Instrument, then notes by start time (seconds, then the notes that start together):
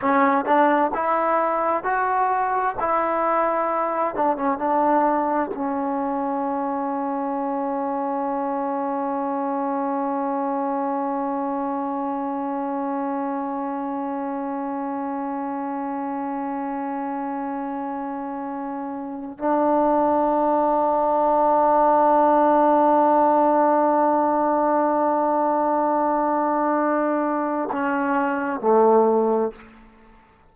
trombone
0.01 C#4
0.44 D4
0.94 E4
1.83 F#4
2.79 E4
4.15 D4
4.36 C#4
4.57 D4
5.54 C#4
19.38 D4
27.72 C#4
28.60 A3